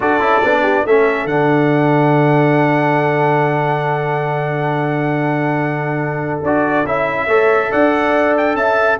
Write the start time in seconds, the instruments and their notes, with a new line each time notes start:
0.00 tuba D4, trombone F#4, horn A4, trumpet D5
0.19 tuba C#4, trombone E4
0.44 tuba B3, trombone D4
0.62 horn G4
0.84 tuba A3, trombone C#4, horn A4, trumpet E5
1.25 tuba D3, trombone D4, trumpet F#5
6.42 tuba D4, trombone F#4, trumpet D5
6.85 tuba C#4, trombone E4, trumpet E5
7.26 tuba A3, trombone A4, horn C#5
7.71 tuba D4, horn D5, trumpet F#5
8.37 trumpet G5
8.55 tuba C#4, horn E5, trumpet A5